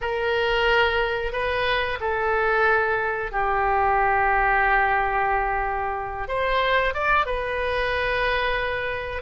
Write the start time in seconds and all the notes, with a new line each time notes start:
0.01 A#4
1.32 B4
2.00 A4
3.31 G4
6.28 C5
6.94 D5
7.26 B4